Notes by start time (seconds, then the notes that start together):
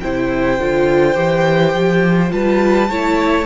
0.00 C3 E4 C5 G5
0.59 D3 F4
1.14 E3 G4
1.74 F3
2.29 G3 F4 B4 A5
2.89 A3 E4 C#5